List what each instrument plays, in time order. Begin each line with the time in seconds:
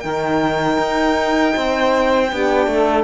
0.00 cello D#3, horn D#4, saxophone A#4, violin G5
0.78 cello D#4
1.55 cello C4, saxophone C5
2.32 cello B3, horn D4, saxophone G4
2.67 cello A3, saxophone A4